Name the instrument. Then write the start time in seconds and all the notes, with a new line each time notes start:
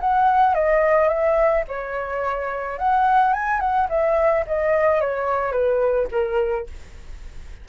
flute
0.00 F#5
0.54 D#5
1.08 E5
1.68 C#5
2.78 F#5
3.33 G#5
3.60 F#5
3.89 E5
4.46 D#5
5.01 C#5
5.52 B4
6.11 A#4